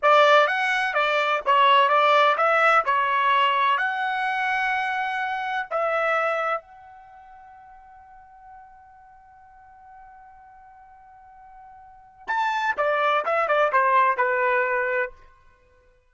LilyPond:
\new Staff \with { instrumentName = "trumpet" } { \time 4/4 \tempo 4 = 127 d''4 fis''4 d''4 cis''4 | d''4 e''4 cis''2 | fis''1 | e''2 fis''2~ |
fis''1~ | fis''1~ | fis''2 a''4 d''4 | e''8 d''8 c''4 b'2 | }